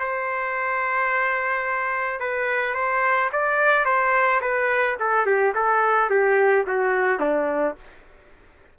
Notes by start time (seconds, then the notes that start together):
0.00 C5
2.20 B4
2.75 C5
3.33 D5
3.85 C5
4.42 B4
5.00 A4
5.26 G4
5.55 A4
6.10 G4
6.67 F#4
7.20 D4